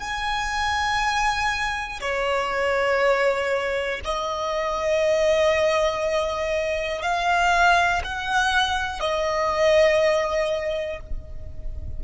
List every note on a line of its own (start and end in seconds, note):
0.00 2.00 G#5
2.00 4.00 C#5
4.05 7.02 D#5
7.02 8.02 F5
8.04 9.00 F#5
9.00 11.00 D#5